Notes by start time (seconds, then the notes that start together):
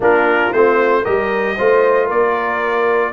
0.00 A#3 D4 F4 A#4
0.52 A3 C4 C5
1.02 G3 G4 A#4 D#5
1.57 A3 F4 C5
2.06 A#3 A#4 D5